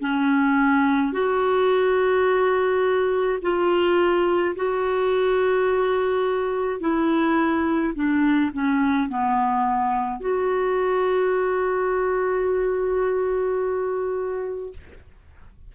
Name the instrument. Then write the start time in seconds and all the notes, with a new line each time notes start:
clarinet
0.00 C#4
1.12 F#4
3.42 F4
4.55 F#4
6.80 E4
7.95 D4
8.53 C#4
9.09 B3
10.20 F#4